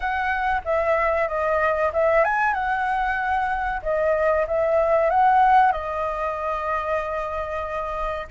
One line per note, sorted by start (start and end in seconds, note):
0.00 0.61 F#5
0.64 1.28 E5
1.28 1.91 D#5
1.93 2.24 E5
2.24 2.53 G#5
2.53 3.81 F#5
3.82 4.46 D#5
4.47 5.09 E5
5.09 5.72 F#5
5.72 8.27 D#5